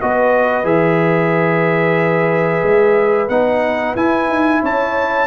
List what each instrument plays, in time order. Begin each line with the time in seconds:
0.00 tuba B3, trombone F#4, horn B4, trumpet D#5
0.63 tuba E3, trombone G#4, trumpet E5
2.62 tuba G#3
3.29 tuba B3, trombone D#4, trumpet F#5
3.95 tuba E4, trombone E4, trumpet G#5
4.28 tuba D#4
4.62 tuba C#4, horn C#5, trumpet A5